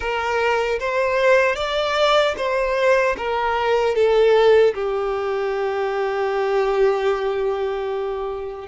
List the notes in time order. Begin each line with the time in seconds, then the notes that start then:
0.00 A#4
0.79 C5
1.55 D5
2.37 C5
3.17 A#4
3.95 A4
4.74 G4